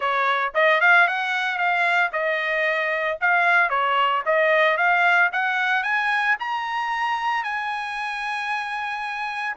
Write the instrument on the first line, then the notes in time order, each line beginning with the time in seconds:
trumpet
0.00 C#5
0.54 D#5
0.81 F5
1.07 F#5
1.57 F5
2.12 D#5
3.21 F5
3.69 C#5
4.25 D#5
4.77 F5
5.32 F#5
5.83 G#5
6.39 A#5
7.43 G#5